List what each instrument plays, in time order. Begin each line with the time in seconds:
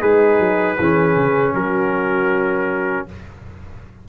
0.00 tuba G#3, horn D#4, trombone G#4, trumpet B4
0.39 tuba F#3
0.77 tuba E3, trombone C#4, horn G#4
1.16 tuba C#3
1.54 tuba F#3, horn F#4, trumpet A#4